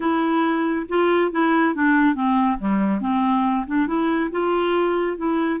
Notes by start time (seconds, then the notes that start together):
0.00 E4
0.88 F4
1.31 E4
1.74 D4
2.15 C4
2.58 G3
3.00 C4
3.66 D4
3.87 E4
4.31 F4
5.17 E4